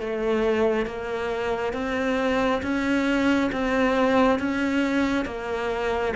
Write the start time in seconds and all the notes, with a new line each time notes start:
0.00 A3
0.86 A#3
1.73 C4
2.62 C#4
3.52 C4
4.39 C#4
5.25 A#3